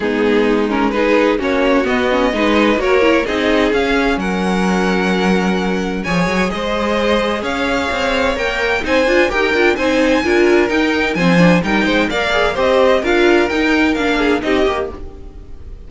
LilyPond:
<<
  \new Staff \with { instrumentName = "violin" } { \time 4/4 \tempo 4 = 129 gis'4. ais'8 b'4 cis''4 | dis''2 cis''4 dis''4 | f''4 fis''2.~ | fis''4 gis''4 dis''2 |
f''2 g''4 gis''4 | g''4 gis''2 g''4 | gis''4 g''4 f''4 dis''4 | f''4 g''4 f''4 dis''4 | }
  \new Staff \with { instrumentName = "violin" } { \time 4/4 dis'2 gis'4 fis'4~ | fis'4 b'4 ais'4 gis'4~ | gis'4 ais'2.~ | ais'4 cis''4 c''2 |
cis''2. c''4 | ais'4 c''4 ais'2 | c''4 ais'8 c''8 d''4 c''4 | ais'2~ ais'8 gis'8 g'4 | }
  \new Staff \with { instrumentName = "viola" } { \time 4/4 b4. cis'8 dis'4 cis'4 | b8 cis'8 dis'4 fis'8 e'8 dis'4 | cis'1~ | cis'4 gis'2.~ |
gis'2 ais'4 dis'8 f'8 | g'8 f'8 dis'4 f'4 dis'4 | c'8 d'8 dis'4 ais'8 gis'8 g'4 | f'4 dis'4 d'4 dis'8 g'8 | }
  \new Staff \with { instrumentName = "cello" } { \time 4/4 gis2. ais4 | b4 gis4 ais4 c'4 | cis'4 fis2.~ | fis4 f8 fis8 gis2 |
cis'4 c'4 ais4 c'8 d'8 | dis'8 d'8 c'4 d'4 dis'4 | f4 g8 gis8 ais4 c'4 | d'4 dis'4 ais4 c'8 ais8 | }
>>